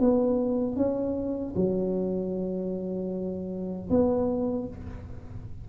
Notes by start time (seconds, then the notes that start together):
0.00 B3
0.77 C#4
1.56 F#3
3.90 B3